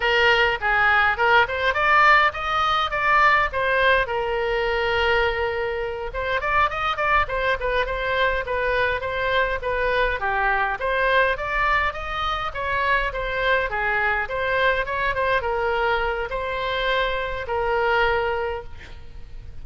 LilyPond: \new Staff \with { instrumentName = "oboe" } { \time 4/4 \tempo 4 = 103 ais'4 gis'4 ais'8 c''8 d''4 | dis''4 d''4 c''4 ais'4~ | ais'2~ ais'8 c''8 d''8 dis''8 | d''8 c''8 b'8 c''4 b'4 c''8~ |
c''8 b'4 g'4 c''4 d''8~ | d''8 dis''4 cis''4 c''4 gis'8~ | gis'8 c''4 cis''8 c''8 ais'4. | c''2 ais'2 | }